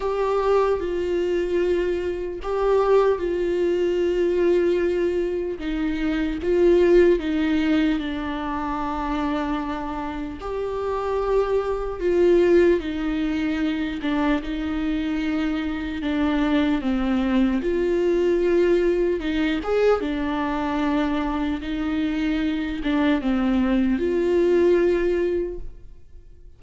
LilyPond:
\new Staff \with { instrumentName = "viola" } { \time 4/4 \tempo 4 = 75 g'4 f'2 g'4 | f'2. dis'4 | f'4 dis'4 d'2~ | d'4 g'2 f'4 |
dis'4. d'8 dis'2 | d'4 c'4 f'2 | dis'8 gis'8 d'2 dis'4~ | dis'8 d'8 c'4 f'2 | }